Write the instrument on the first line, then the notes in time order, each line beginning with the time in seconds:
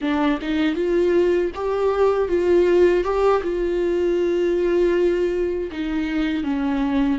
viola
0.01 D4
0.41 D#4
0.75 F4
1.55 G4
2.28 F4
3.04 G4
3.42 F4
5.71 D#4
6.43 C#4